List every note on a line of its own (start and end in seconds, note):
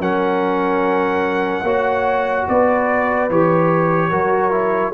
0.00 1.63 F#3
0.00 1.65 C#4
0.00 1.64 A#4
0.00 2.48 F#5
1.63 2.45 A#3
1.63 3.30 F#4
1.63 2.46 C#5
2.49 3.30 B3
2.49 4.10 B4
2.49 3.31 D5
3.30 4.12 E3
3.30 4.12 G4
3.30 4.95 C#5
4.10 4.94 F#3
4.10 4.52 F#4
4.10 4.92 A#4
4.52 4.93 E4